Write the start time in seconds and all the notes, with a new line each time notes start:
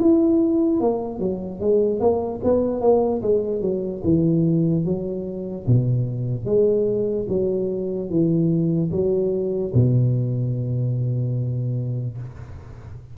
0.00 E4
0.81 A#3
1.19 F#3
1.60 G#3
2.00 A#3
2.44 B3
2.81 A#3
3.22 G#3
3.62 F#3
4.04 E3
4.85 F#3
5.67 B2
6.45 G#3
7.29 F#3
8.10 E3
8.91 F#3
9.74 B2